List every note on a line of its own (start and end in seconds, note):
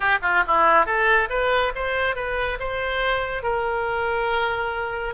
0.00 0.18 G4
0.22 0.43 F4
0.47 0.86 E4
0.86 1.29 A4
1.29 1.72 B4
1.75 2.15 C5
2.15 2.58 B4
2.59 3.42 C5
3.42 5.14 A#4